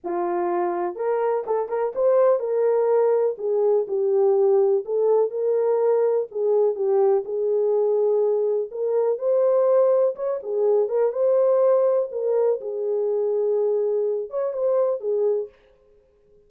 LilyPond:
\new Staff \with { instrumentName = "horn" } { \time 4/4 \tempo 4 = 124 f'2 ais'4 a'8 ais'8 | c''4 ais'2 gis'4 | g'2 a'4 ais'4~ | ais'4 gis'4 g'4 gis'4~ |
gis'2 ais'4 c''4~ | c''4 cis''8 gis'4 ais'8 c''4~ | c''4 ais'4 gis'2~ | gis'4. cis''8 c''4 gis'4 | }